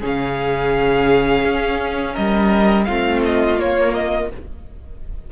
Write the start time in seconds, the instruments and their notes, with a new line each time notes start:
0.00 cello C#3, viola C#4, violin G#4
0.06 violin F5
1.44 cello C#4
2.14 cello G3, violin A#4 D#5
2.85 cello A3, viola C4, violin F4 F5
3.25 violin D#5
3.59 viola A#3, cello A#3, violin C#5
3.95 violin D#5